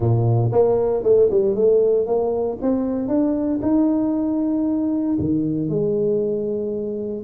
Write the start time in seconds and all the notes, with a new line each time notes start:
0.00 A#2
0.51 A#3
1.03 A3
1.30 G3
1.55 A3
2.06 A#3
2.61 C4
3.08 D4
3.62 D#4
5.19 D#3
5.69 G#3